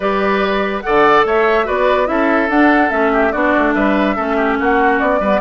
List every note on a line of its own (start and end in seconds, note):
0.00 0.82 G3
0.00 0.83 G4
0.00 0.83 B4
0.00 0.81 D5
0.81 1.64 A4
0.81 1.26 D5
0.81 1.22 F#5
0.87 1.25 D3
1.25 1.66 A3
1.25 1.66 C#5
1.25 1.68 E5
1.64 2.08 B3
1.64 2.06 F#4
1.64 2.07 B4
1.64 2.07 D5
2.06 2.49 C#4
2.06 2.47 E4
2.06 3.12 A4
2.06 2.49 E5
2.49 2.91 D4
2.49 2.89 D4
2.49 2.90 F#5
2.89 3.33 A3
2.89 3.31 C#4
2.89 3.32 E5
3.12 3.32 G4
3.32 3.55 B3
3.32 4.16 D4
3.32 3.74 F#4
3.32 3.73 D5
3.57 3.75 A3
3.74 4.16 G3
3.74 4.16 B4
3.74 4.57 E5
4.16 4.60 A3
4.16 5.21 C#4
4.16 4.36 A4
4.36 4.57 G4
4.59 5.01 A#3
4.59 5.20 F#4
4.59 5.00 F#5
5.00 5.19 B3
5.00 5.40 D5
5.19 5.40 G3
5.19 5.40 B3
5.19 5.40 B4